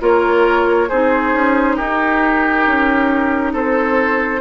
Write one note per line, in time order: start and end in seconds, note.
0.00 0.90 A#3
0.00 0.88 F4
0.00 0.90 A#4
0.00 0.89 C#5
0.89 1.33 C4
0.89 4.41 D#4
0.89 1.77 G#4
0.89 1.77 C5
1.33 1.78 C#4
1.77 2.67 D#4
1.77 3.53 G4
1.77 3.53 A#4
2.67 3.54 C#4
3.53 4.41 C4
3.53 4.41 A4
3.53 4.41 C5